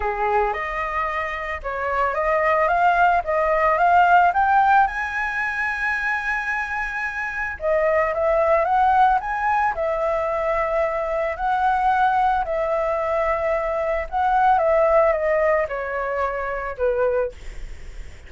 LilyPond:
\new Staff \with { instrumentName = "flute" } { \time 4/4 \tempo 4 = 111 gis'4 dis''2 cis''4 | dis''4 f''4 dis''4 f''4 | g''4 gis''2.~ | gis''2 dis''4 e''4 |
fis''4 gis''4 e''2~ | e''4 fis''2 e''4~ | e''2 fis''4 e''4 | dis''4 cis''2 b'4 | }